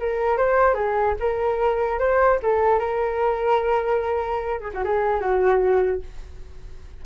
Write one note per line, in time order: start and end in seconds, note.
0.00 0.37 A#4
0.37 0.75 C5
0.75 1.15 G#4
1.20 1.99 A#4
1.99 2.40 C5
2.43 2.79 A4
2.79 4.61 A#4
4.61 4.71 G#4
4.74 4.84 F#4
4.85 5.21 G#4
5.21 6.02 F#4